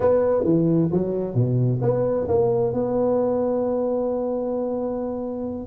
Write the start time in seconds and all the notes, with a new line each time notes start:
0.00 B3
0.44 E3
0.91 F#3
1.34 B2
1.81 B3
2.28 A#3
2.73 B3